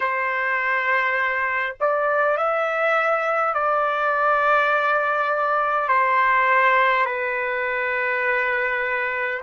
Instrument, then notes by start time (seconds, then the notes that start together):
trumpet
0.00 C5
1.80 D5
2.37 E5
3.53 D5
5.88 C5
7.05 B4